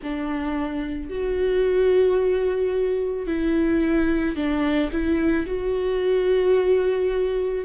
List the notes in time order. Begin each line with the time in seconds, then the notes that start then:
0.02 D4
1.09 F#4
3.27 E4
4.35 D4
4.91 E4
5.46 F#4